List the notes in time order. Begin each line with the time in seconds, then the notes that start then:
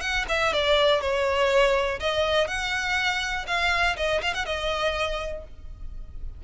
0.00 F#5
0.28 E5
0.53 D5
1.00 C#5
1.99 D#5
2.47 F#5
3.46 F5
3.96 D#5
4.21 F5
4.33 F#5
4.45 D#5